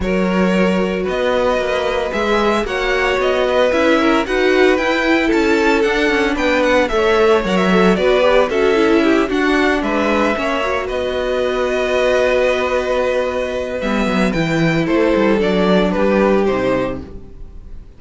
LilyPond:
<<
  \new Staff \with { instrumentName = "violin" } { \time 4/4 \tempo 4 = 113 cis''2 dis''2 | e''4 fis''4 dis''4 e''4 | fis''4 g''4 a''4 fis''4 | g''8 fis''8 e''4 fis''16 e''8. d''4 |
e''4. fis''4 e''4.~ | e''8 dis''2.~ dis''8~ | dis''2 e''4 g''4 | c''4 d''4 b'4 c''4 | }
  \new Staff \with { instrumentName = "violin" } { \time 4/4 ais'2 b'2~ | b'4 cis''4. b'4 ais'8 | b'2 a'2 | b'4 cis''2 b'4 |
a'4 g'8 fis'4 b'4 cis''8~ | cis''8 b'2.~ b'8~ | b'1 | a'2 g'2 | }
  \new Staff \with { instrumentName = "viola" } { \time 4/4 fis'1 | gis'4 fis'2 e'4 | fis'4 e'2 d'4~ | d'4 a'4 ais'8 a'8 fis'8 g'8 |
fis'8 e'4 d'2 cis'8 | fis'1~ | fis'2 b4 e'4~ | e'4 d'2 dis'4 | }
  \new Staff \with { instrumentName = "cello" } { \time 4/4 fis2 b4 ais4 | gis4 ais4 b4 cis'4 | dis'4 e'4 cis'4 d'8 cis'8 | b4 a4 fis4 b4 |
cis'4. d'4 gis4 ais8~ | ais8 b2.~ b8~ | b2 g8 fis8 e4 | a8 g8 fis4 g4 c4 | }
>>